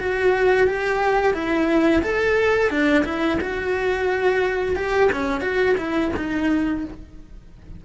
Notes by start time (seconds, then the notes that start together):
0.00 F#4
0.68 G4
1.34 E4
2.03 A4
2.71 D4
3.05 E4
3.41 F#4
4.76 G4
5.13 C#4
5.41 F#4
5.77 E4
6.17 D#4